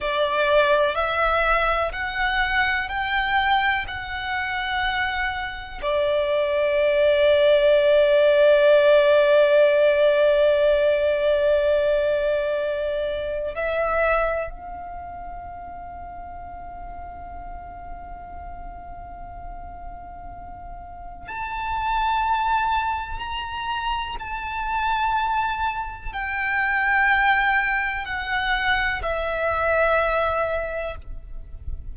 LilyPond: \new Staff \with { instrumentName = "violin" } { \time 4/4 \tempo 4 = 62 d''4 e''4 fis''4 g''4 | fis''2 d''2~ | d''1~ | d''2 e''4 f''4~ |
f''1~ | f''2 a''2 | ais''4 a''2 g''4~ | g''4 fis''4 e''2 | }